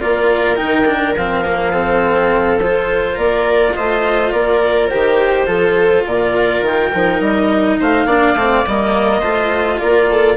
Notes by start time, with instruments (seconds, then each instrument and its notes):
0.00 bassoon A#3, cello F4, viola A#4, clarinet D5
0.56 bassoon D#3, cello D#4, clarinet G5
0.86 cello D4
1.16 bassoon F3, cello C4, clarinet F5
1.45 cello A#3
1.71 cello C4, viola A4
2.60 cello F4, clarinet C5
3.15 bassoon A#3, viola A#4, clarinet D5
3.74 bassoon A3, viola C5, clarinet D#5
4.31 bassoon A#3, viola A#4, clarinet D5
4.87 cello G4, clarinet C5
4.93 bassoon D#3
5.46 bassoon F3, cello F4, viola A4
6.06 bassoon A#2, viola A#4, clarinet D5
6.62 bassoon D#3, clarinet G5
6.94 bassoon F3, cello D#4
7.20 bassoon G3, clarinet D#5
7.80 bassoon A3, viola C5, clarinet F5
8.05 bassoon A#3, cello D4, viola D5
8.35 bassoon A3, cello C4
8.67 bassoon G3, cello A#3, clarinet D#5
9.20 bassoon A3, cello F4, viola C5
9.79 bassoon A#3, viola A#4, clarinet D5
10.10 viola A4